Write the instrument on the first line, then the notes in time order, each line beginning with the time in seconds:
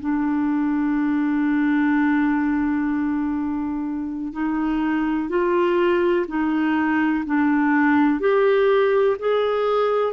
clarinet
0.00 D4
4.33 D#4
5.29 F4
6.28 D#4
7.25 D4
8.20 G4
9.19 G#4